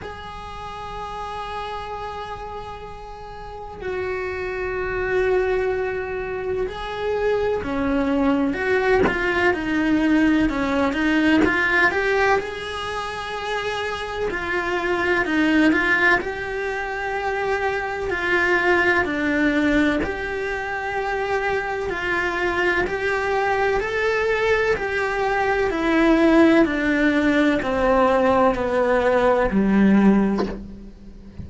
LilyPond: \new Staff \with { instrumentName = "cello" } { \time 4/4 \tempo 4 = 63 gis'1 | fis'2. gis'4 | cis'4 fis'8 f'8 dis'4 cis'8 dis'8 | f'8 g'8 gis'2 f'4 |
dis'8 f'8 g'2 f'4 | d'4 g'2 f'4 | g'4 a'4 g'4 e'4 | d'4 c'4 b4 g4 | }